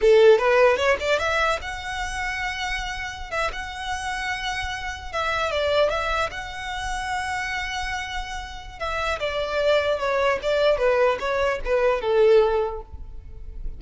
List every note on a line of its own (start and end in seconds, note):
0.01 0.38 A4
0.38 0.77 B4
0.77 0.97 C#5
0.99 1.19 D5
1.19 1.59 E5
1.61 3.31 F#5
3.31 3.51 E5
3.52 5.12 F#5
5.12 5.51 E5
5.51 5.90 D5
5.90 6.30 E5
6.30 8.79 F#5
8.79 9.19 E5
9.19 9.99 D5
9.99 10.39 C#5
10.42 10.77 D5
10.77 11.17 B4
11.19 11.59 C#5
11.65 12.01 B4
12.01 12.81 A4